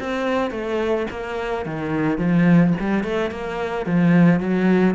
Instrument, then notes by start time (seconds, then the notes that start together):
cello
0.00 C4
0.51 A3
1.11 A#3
1.66 D#3
2.18 F3
2.80 G3
3.04 A3
3.31 A#3
3.86 F3
4.40 F#3